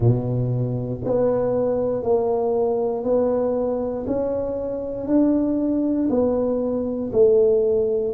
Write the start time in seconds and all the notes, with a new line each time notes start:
0.00 B2
1.04 B3
2.02 A#3
3.03 B3
4.07 C#4
5.07 D4
6.09 B3
7.12 A3